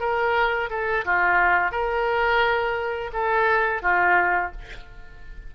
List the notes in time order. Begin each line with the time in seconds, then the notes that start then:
0.00 A#4
0.70 A4
1.05 F4
1.72 A#4
3.13 A4
3.82 F4